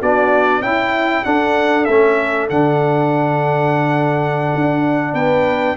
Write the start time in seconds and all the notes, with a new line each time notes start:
0.00 B3 D4 F#4 D5
0.61 C#4 E4 G5
1.25 D4 A4 F#5
1.85 A3 C#4 E5
2.50 D3 D4 F#5
4.55 D4
5.14 B3 B4 G5